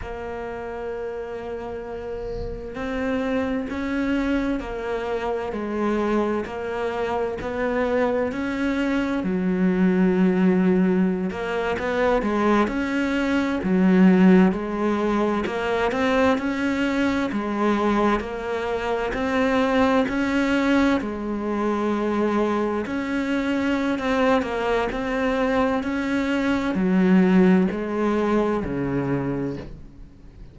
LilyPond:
\new Staff \with { instrumentName = "cello" } { \time 4/4 \tempo 4 = 65 ais2. c'4 | cis'4 ais4 gis4 ais4 | b4 cis'4 fis2~ | fis16 ais8 b8 gis8 cis'4 fis4 gis16~ |
gis8. ais8 c'8 cis'4 gis4 ais16~ | ais8. c'4 cis'4 gis4~ gis16~ | gis8. cis'4~ cis'16 c'8 ais8 c'4 | cis'4 fis4 gis4 cis4 | }